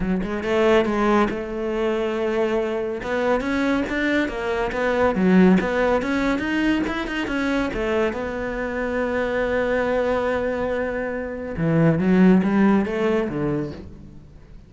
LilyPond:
\new Staff \with { instrumentName = "cello" } { \time 4/4 \tempo 4 = 140 fis8 gis8 a4 gis4 a4~ | a2. b4 | cis'4 d'4 ais4 b4 | fis4 b4 cis'4 dis'4 |
e'8 dis'8 cis'4 a4 b4~ | b1~ | b2. e4 | fis4 g4 a4 d4 | }